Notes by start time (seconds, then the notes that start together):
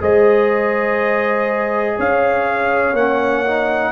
0.00 G#3 G#4 C5 D#5
1.96 C#4 C#5 F5
2.93 A#3 C#4 F#5
3.47 D#4